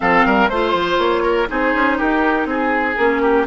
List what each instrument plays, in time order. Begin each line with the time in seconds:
0.00 bassoon F3, clarinet C4, oboe A4, flute F5
0.25 bassoon G3, oboe A#4
0.48 bassoon A3, clarinet F4, flute C5, oboe C5
0.73 bassoon F3
0.98 bassoon A#3, flute C#5
1.22 oboe A#4
1.47 bassoon C4, clarinet D#4, oboe G#4, flute C5
1.74 bassoon C#4
1.97 bassoon D#4, oboe G4, flute A#4
2.45 bassoon C4, flute G#4, oboe G#4
2.97 bassoon A#3, clarinet C#4, flute A#4
3.22 oboe G4